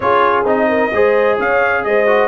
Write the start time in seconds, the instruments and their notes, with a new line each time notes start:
0.00 tuba C#4, trombone F4, horn G#4, trumpet C#5
0.44 tuba C4, trombone D#4, trumpet D#5
0.68 horn A#4
0.91 tuba G#3, trombone G#4, horn C5
1.37 tuba C#4, horn C#5, trumpet F5
1.84 tuba G#3, horn C5, trumpet D#5
2.06 trombone F#4